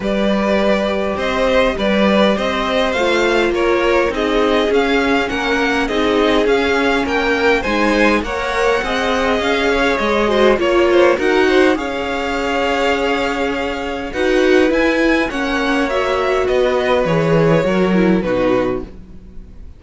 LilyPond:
<<
  \new Staff \with { instrumentName = "violin" } { \time 4/4 \tempo 4 = 102 d''2 dis''4 d''4 | dis''4 f''4 cis''4 dis''4 | f''4 fis''4 dis''4 f''4 | g''4 gis''4 fis''2 |
f''4 dis''4 cis''4 fis''4 | f''1 | fis''4 gis''4 fis''4 e''4 | dis''4 cis''2 b'4 | }
  \new Staff \with { instrumentName = "violin" } { \time 4/4 b'2 c''4 b'4 | c''2 ais'4 gis'4~ | gis'4 ais'4 gis'2 | ais'4 c''4 cis''4 dis''4~ |
dis''8 cis''4 c''8 cis''8 c''8 ais'8 c''8 | cis''1 | b'2 cis''2 | b'2 ais'4 fis'4 | }
  \new Staff \with { instrumentName = "viola" } { \time 4/4 g'1~ | g'4 f'2 dis'4 | cis'2 dis'4 cis'4~ | cis'4 dis'4 ais'4 gis'4~ |
gis'4. fis'8 f'4 fis'4 | gis'1 | fis'4 e'4 cis'4 fis'4~ | fis'4 gis'4 fis'8 e'8 dis'4 | }
  \new Staff \with { instrumentName = "cello" } { \time 4/4 g2 c'4 g4 | c'4 a4 ais4 c'4 | cis'4 ais4 c'4 cis'4 | ais4 gis4 ais4 c'4 |
cis'4 gis4 ais4 dis'4 | cis'1 | dis'4 e'4 ais2 | b4 e4 fis4 b,4 | }
>>